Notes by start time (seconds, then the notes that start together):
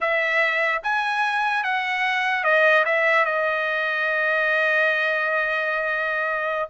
0.00 E5
0.83 G#5
1.63 F#5
2.44 D#5
2.85 E5
3.25 D#5